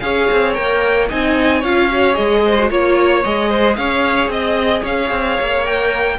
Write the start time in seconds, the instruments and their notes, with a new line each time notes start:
0.00 cello C#4, viola G#4, violin C#5 F5
0.31 cello C4
0.54 cello A#3, viola A#4, violin G5
1.09 cello C4, viola D#4, violin D#5 G#5
1.59 cello C#4, viola F4, violin C#5 F5
1.91 viola F#4
2.13 cello G#3, viola G#4, violin D#5
2.45 violin C5
2.58 viola F#4
2.69 cello A#3, viola F4, violin C#5
3.24 cello G#3, viola G#4, violin D#5
3.49 violin C5
3.76 cello C#4, violin C#5 F5
4.28 cello C4, violin D#5
4.82 cello C#4, violin C#5 F5
5.11 cello C4
5.40 cello A#3
5.64 viola A#4, violin G5